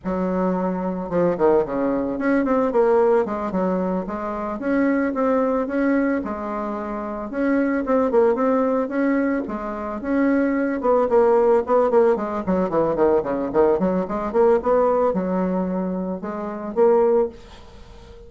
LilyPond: \new Staff \with { instrumentName = "bassoon" } { \time 4/4 \tempo 4 = 111 fis2 f8 dis8 cis4 | cis'8 c'8 ais4 gis8 fis4 gis8~ | gis8 cis'4 c'4 cis'4 gis8~ | gis4. cis'4 c'8 ais8 c'8~ |
c'8 cis'4 gis4 cis'4. | b8 ais4 b8 ais8 gis8 fis8 e8 | dis8 cis8 dis8 fis8 gis8 ais8 b4 | fis2 gis4 ais4 | }